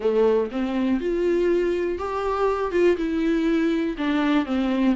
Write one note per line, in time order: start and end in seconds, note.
0.00 0.50 A3
0.51 1.00 C4
1.00 1.98 F4
1.98 2.71 G4
2.71 2.96 F4
2.96 3.96 E4
3.97 4.45 D4
4.45 4.95 C4